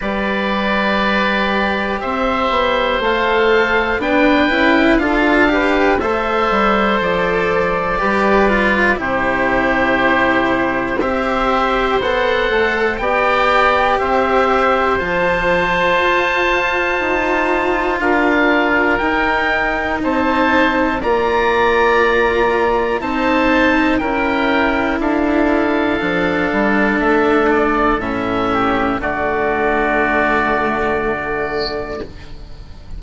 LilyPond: <<
  \new Staff \with { instrumentName = "oboe" } { \time 4/4 \tempo 4 = 60 d''2 e''4 f''4 | g''4 f''4 e''4 d''4~ | d''4 c''2 e''4 | fis''4 g''4 e''4 a''4~ |
a''2 f''4 g''4 | a''4 ais''2 a''4 | g''4 f''2 e''8 d''8 | e''4 d''2. | }
  \new Staff \with { instrumentName = "oboe" } { \time 4/4 b'2 c''2 | b'4 a'8 b'8 c''2 | b'4 g'2 c''4~ | c''4 d''4 c''2~ |
c''2 ais'2 | c''4 d''2 c''4 | ais'4 a'2.~ | a'8 g'8 fis'2. | }
  \new Staff \with { instrumentName = "cello" } { \time 4/4 g'2. a'4 | d'8 e'8 f'8 g'8 a'2 | g'8 f'8 e'2 g'4 | a'4 g'2 f'4~ |
f'2. dis'4~ | dis'4 f'2 dis'4 | e'2 d'2 | cis'4 a2. | }
  \new Staff \with { instrumentName = "bassoon" } { \time 4/4 g2 c'8 b8 a4 | b8 cis'8 d'4 a8 g8 f4 | g4 c2 c'4 | b8 a8 b4 c'4 f4 |
f'4 dis'4 d'4 dis'4 | c'4 ais2 c'4 | cis'4 d'4 f8 g8 a4 | a,4 d2. | }
>>